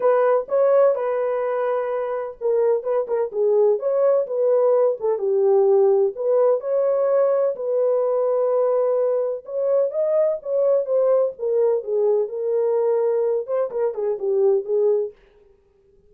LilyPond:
\new Staff \with { instrumentName = "horn" } { \time 4/4 \tempo 4 = 127 b'4 cis''4 b'2~ | b'4 ais'4 b'8 ais'8 gis'4 | cis''4 b'4. a'8 g'4~ | g'4 b'4 cis''2 |
b'1 | cis''4 dis''4 cis''4 c''4 | ais'4 gis'4 ais'2~ | ais'8 c''8 ais'8 gis'8 g'4 gis'4 | }